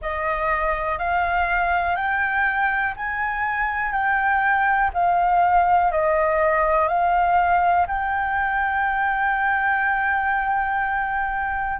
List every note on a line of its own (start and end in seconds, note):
0.01 0.98 D#5
0.98 1.96 F5
1.96 2.94 G5
2.96 3.92 G#5
3.92 4.90 G5
4.93 5.91 F5
5.91 6.88 D#5
6.88 7.86 F5
7.87 11.79 G5